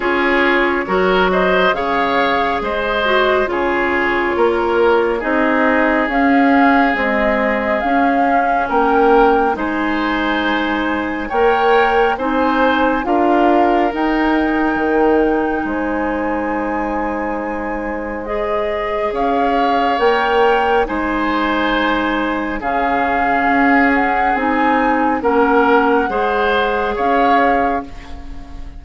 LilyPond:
<<
  \new Staff \with { instrumentName = "flute" } { \time 4/4 \tempo 4 = 69 cis''4. dis''8 f''4 dis''4 | cis''2 dis''4 f''4 | dis''4 f''4 g''4 gis''4~ | gis''4 g''4 gis''4 f''4 |
g''2 gis''2~ | gis''4 dis''4 f''4 g''4 | gis''2 f''4. fis''8 | gis''4 fis''2 f''4 | }
  \new Staff \with { instrumentName = "oboe" } { \time 4/4 gis'4 ais'8 c''8 cis''4 c''4 | gis'4 ais'4 gis'2~ | gis'2 ais'4 c''4~ | c''4 cis''4 c''4 ais'4~ |
ais'2 c''2~ | c''2 cis''2 | c''2 gis'2~ | gis'4 ais'4 c''4 cis''4 | }
  \new Staff \with { instrumentName = "clarinet" } { \time 4/4 f'4 fis'4 gis'4. fis'8 | f'2 dis'4 cis'4 | gis4 cis'2 dis'4~ | dis'4 ais'4 dis'4 f'4 |
dis'1~ | dis'4 gis'2 ais'4 | dis'2 cis'2 | dis'4 cis'4 gis'2 | }
  \new Staff \with { instrumentName = "bassoon" } { \time 4/4 cis'4 fis4 cis4 gis4 | cis4 ais4 c'4 cis'4 | c'4 cis'4 ais4 gis4~ | gis4 ais4 c'4 d'4 |
dis'4 dis4 gis2~ | gis2 cis'4 ais4 | gis2 cis4 cis'4 | c'4 ais4 gis4 cis'4 | }
>>